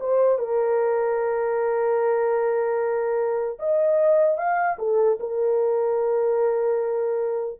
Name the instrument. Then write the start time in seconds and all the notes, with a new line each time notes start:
horn
0.00 C5
0.39 A#4
3.59 D#5
4.37 F5
4.79 A4
5.20 A#4